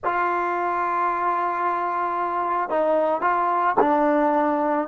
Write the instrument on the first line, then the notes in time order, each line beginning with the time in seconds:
trombone
0.04 F4
2.69 D#4
3.21 F4
3.80 D4